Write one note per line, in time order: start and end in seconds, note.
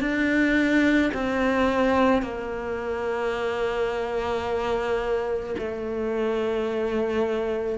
0.00 1.11 D4
1.14 2.22 C4
2.22 5.56 A#3
5.58 7.78 A3